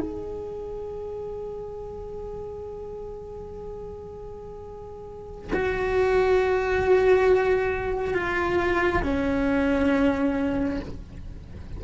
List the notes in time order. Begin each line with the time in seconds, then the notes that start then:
0.00 G#4
5.53 F#4
8.15 F4
9.04 C#4